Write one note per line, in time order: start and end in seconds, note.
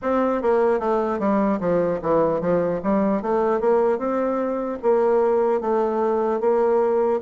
0.02 0.41 C4
0.41 0.79 A#3
0.79 1.19 A3
1.19 1.59 G3
1.60 2.00 F3
2.01 2.40 E3
2.40 2.80 F3
2.83 3.22 G3
3.22 3.60 A3
3.60 3.98 A#3
3.98 4.78 C4
4.82 5.60 A#3
5.60 6.40 A3
6.40 7.20 A#3